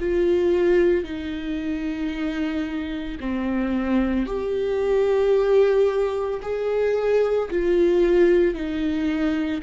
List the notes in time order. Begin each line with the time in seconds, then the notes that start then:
0.00 F4
1.04 D#4
3.20 C4
4.27 G4
6.42 G#4
7.50 F4
8.55 D#4